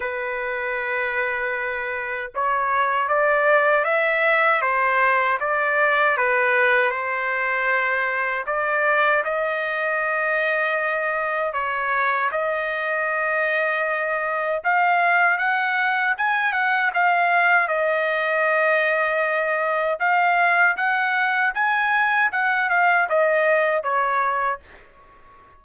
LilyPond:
\new Staff \with { instrumentName = "trumpet" } { \time 4/4 \tempo 4 = 78 b'2. cis''4 | d''4 e''4 c''4 d''4 | b'4 c''2 d''4 | dis''2. cis''4 |
dis''2. f''4 | fis''4 gis''8 fis''8 f''4 dis''4~ | dis''2 f''4 fis''4 | gis''4 fis''8 f''8 dis''4 cis''4 | }